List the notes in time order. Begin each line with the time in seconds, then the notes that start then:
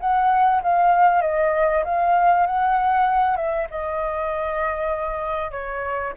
0.00 F#5
0.62 F5
1.22 D#5
1.84 F5
2.47 F#5
3.37 E5
3.70 D#5
5.51 C#5